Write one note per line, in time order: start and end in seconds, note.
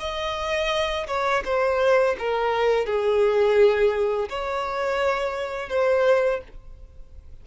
0.00 1.07 D#5
1.08 1.44 C#5
1.45 2.17 C5
2.19 2.86 A#4
2.86 4.29 G#4
4.30 5.69 C#5
5.69 6.41 C5